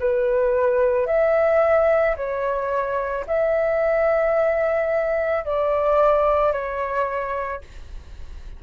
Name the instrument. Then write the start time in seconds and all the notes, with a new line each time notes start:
flute
0.00 B4
1.07 E5
2.17 C#5
3.27 E5
5.45 D5
6.53 C#5